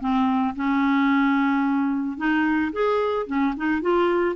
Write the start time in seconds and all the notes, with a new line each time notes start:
0.00 C4
0.56 C#4
2.17 D#4
2.72 G#4
3.27 C#4
3.56 D#4
3.81 F4